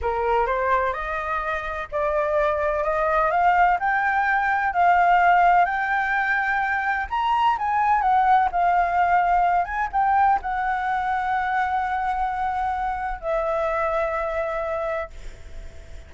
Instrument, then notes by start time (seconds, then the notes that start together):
flute
0.01 A#4
0.46 C5
0.93 D#5
1.91 D5
2.83 D#5
3.30 F5
3.79 G5
4.73 F5
5.65 G5
7.10 A#5
7.58 G#5
8.01 F#5
8.51 F5
9.65 G#5
9.92 G5
10.42 F#5
13.20 E5